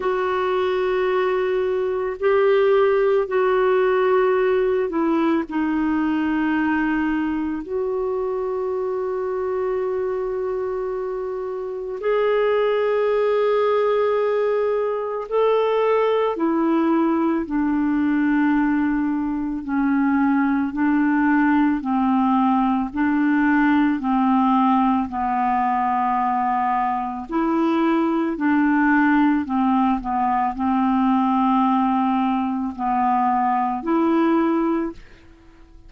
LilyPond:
\new Staff \with { instrumentName = "clarinet" } { \time 4/4 \tempo 4 = 55 fis'2 g'4 fis'4~ | fis'8 e'8 dis'2 fis'4~ | fis'2. gis'4~ | gis'2 a'4 e'4 |
d'2 cis'4 d'4 | c'4 d'4 c'4 b4~ | b4 e'4 d'4 c'8 b8 | c'2 b4 e'4 | }